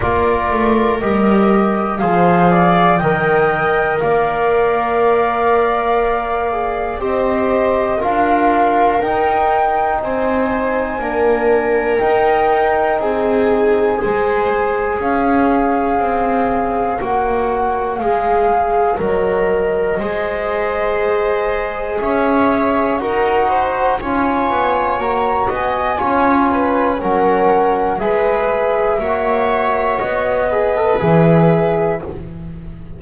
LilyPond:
<<
  \new Staff \with { instrumentName = "flute" } { \time 4/4 \tempo 4 = 60 d''4 dis''4 f''4 g''4 | f''2. dis''4 | f''4 g''4 gis''2 | g''4 gis''2 f''4~ |
f''4 fis''4 f''4 dis''4~ | dis''2 e''4 fis''4 | gis''4 ais''8 gis''4. fis''4 | e''2 dis''4 e''4 | }
  \new Staff \with { instrumentName = "viola" } { \time 4/4 ais'2 c''8 d''8 dis''4 | d''2. c''4 | ais'2 c''4 ais'4~ | ais'4 gis'4 c''4 cis''4~ |
cis''1 | c''2 cis''4 ais'8 c''8 | cis''4. dis''8 cis''8 b'8 ais'4 | b'4 cis''4. b'4. | }
  \new Staff \with { instrumentName = "trombone" } { \time 4/4 f'4 g'4 gis'4 ais'4~ | ais'2~ ais'8 gis'8 g'4 | f'4 dis'2 d'4 | dis'2 gis'2~ |
gis'4 fis'4 gis'4 ais'4 | gis'2. fis'4 | f'4 fis'4 f'4 cis'4 | gis'4 fis'4. gis'16 a'16 gis'4 | }
  \new Staff \with { instrumentName = "double bass" } { \time 4/4 ais8 a8 g4 f4 dis4 | ais2. c'4 | d'4 dis'4 c'4 ais4 | dis'4 c'4 gis4 cis'4 |
c'4 ais4 gis4 fis4 | gis2 cis'4 dis'4 | cis'8 b8 ais8 b8 cis'4 fis4 | gis4 ais4 b4 e4 | }
>>